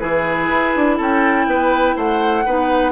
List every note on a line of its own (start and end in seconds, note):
0.00 0.50 E3
0.00 2.44 E4
0.00 0.97 G#4
0.00 0.98 B4
0.50 0.74 E4
0.76 0.99 D4
0.97 1.47 C#4
0.97 1.46 A4
0.97 1.98 G5
1.47 1.95 B3
1.47 1.96 B4
1.96 2.45 A3
1.96 2.45 C5
1.96 2.92 F#5
2.46 2.92 B3
2.46 2.92 D#4
2.46 2.92 B4